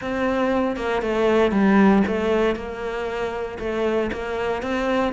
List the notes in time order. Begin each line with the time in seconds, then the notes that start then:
0.01 C4
0.76 A#3
1.01 A3
1.51 G3
2.07 A3
2.55 A#3
3.59 A3
4.12 A#3
4.62 C4